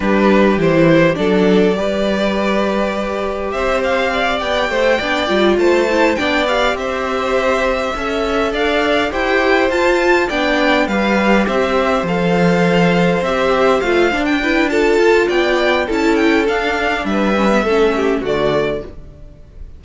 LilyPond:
<<
  \new Staff \with { instrumentName = "violin" } { \time 4/4 \tempo 4 = 102 b'4 c''4 d''2~ | d''2 e''8 f''4 g''8~ | g''4. a''4 g''8 f''8 e''8~ | e''2~ e''8 f''4 g''8~ |
g''8 a''4 g''4 f''4 e''8~ | e''8 f''2 e''4 f''8~ | f''16 g''8. a''4 g''4 a''8 g''8 | f''4 e''2 d''4 | }
  \new Staff \with { instrumentName = "violin" } { \time 4/4 g'2 a'4 b'4~ | b'2 c''4 d''4 | c''8 d''4 c''4 d''4 c''8~ | c''4. e''4 d''4 c''8~ |
c''4. d''4 b'4 c''8~ | c''1~ | c''8 b'8 a'4 d''4 a'4~ | a'4 b'4 a'8 g'8 fis'4 | }
  \new Staff \with { instrumentName = "viola" } { \time 4/4 d'4 e'4 d'4 g'4~ | g'1~ | g'8 d'8 f'4 e'8 d'8 g'4~ | g'4. a'2 g'8~ |
g'8 f'4 d'4 g'4.~ | g'8 a'2 g'4 f'8 | d'8 e'8 f'2 e'4 | d'4. cis'16 b16 cis'4 a4 | }
  \new Staff \with { instrumentName = "cello" } { \time 4/4 g4 e4 fis4 g4~ | g2 c'4. b8 | a8 b8 g8 a4 b4 c'8~ | c'4. cis'4 d'4 e'8~ |
e'8 f'4 b4 g4 c'8~ | c'8 f2 c'4 a8 | d'4. f'8 b4 cis'4 | d'4 g4 a4 d4 | }
>>